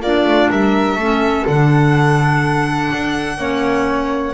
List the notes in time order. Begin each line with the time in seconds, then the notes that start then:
0.00 A#3 D4 F4 D5
0.25 A3
0.49 G3 A#4 E5
0.96 A3 C#4 A4
1.47 D3 D4 F#5
2.93 D4
3.38 A#3 C#4 C#5